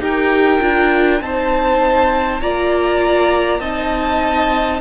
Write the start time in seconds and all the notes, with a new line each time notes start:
0.00 D#4 G4 A#4 G5
0.61 D4 F4
1.21 C4 D#4 C5 A5
2.41 A#3 F4 D5 A#5
3.60 C4 D#4 D#5 A5